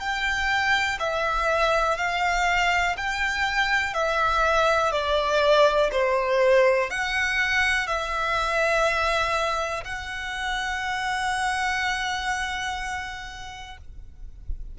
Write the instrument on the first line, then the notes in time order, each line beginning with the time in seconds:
violin
0.00 G5
0.99 E5
1.98 F5
2.97 G5
3.94 E5
4.92 D5
5.92 C5
6.90 F#5
7.87 E5
9.84 F#5